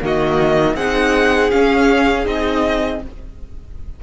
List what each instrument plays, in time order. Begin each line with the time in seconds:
0.00 cello D#3, viola A#3, violin F#4 D#5
0.75 cello C4, viola D#4, violin G#4 F#5
1.50 viola C#4, cello C#4, violin F5
2.25 cello C4, viola D#4, violin D#5